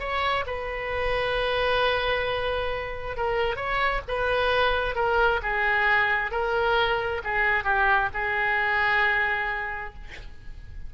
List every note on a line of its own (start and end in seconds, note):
0.00 0.45 C#5
0.47 3.17 B4
3.17 3.56 A#4
3.56 4.01 C#5
4.08 4.95 B4
4.95 5.41 A#4
5.43 6.32 G#4
6.32 7.22 A#4
7.24 7.64 G#4
7.64 8.10 G4
8.14 9.94 G#4